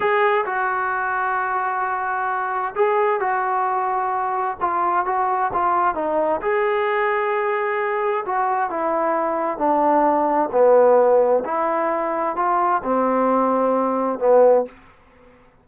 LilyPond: \new Staff \with { instrumentName = "trombone" } { \time 4/4 \tempo 4 = 131 gis'4 fis'2.~ | fis'2 gis'4 fis'4~ | fis'2 f'4 fis'4 | f'4 dis'4 gis'2~ |
gis'2 fis'4 e'4~ | e'4 d'2 b4~ | b4 e'2 f'4 | c'2. b4 | }